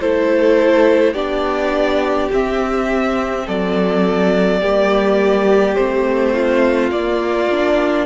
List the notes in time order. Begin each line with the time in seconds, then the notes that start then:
0.00 A3 E4 A4 C5
1.12 B3 D4 G4 D5
2.31 C4 E5
3.46 F#3 A4 D5
4.60 G3 A#3 G4
5.75 A3 C4 C5
6.33 F4
6.91 A#3 D5
7.51 D4